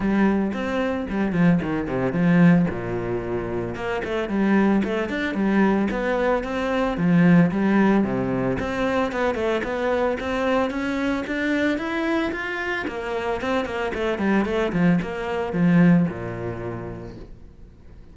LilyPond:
\new Staff \with { instrumentName = "cello" } { \time 4/4 \tempo 4 = 112 g4 c'4 g8 f8 dis8 c8 | f4 ais,2 ais8 a8 | g4 a8 d'8 g4 b4 | c'4 f4 g4 c4 |
c'4 b8 a8 b4 c'4 | cis'4 d'4 e'4 f'4 | ais4 c'8 ais8 a8 g8 a8 f8 | ais4 f4 ais,2 | }